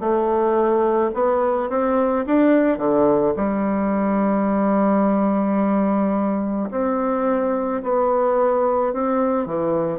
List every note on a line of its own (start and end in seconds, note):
0.00 1.11 A3
1.14 1.70 B3
1.70 2.25 C4
2.26 2.78 D4
2.78 3.34 D3
3.36 6.70 G3
6.71 7.82 C4
7.83 8.93 B3
8.93 9.46 C4
9.46 9.99 E3